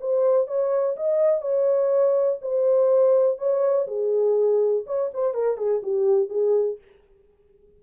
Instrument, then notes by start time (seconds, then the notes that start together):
horn
0.00 C5
0.47 C#5
0.96 D#5
1.41 C#5
2.41 C5
3.38 C#5
3.87 G#4
4.86 C#5
5.14 C5
5.34 A#4
5.57 G#4
5.82 G4
6.29 G#4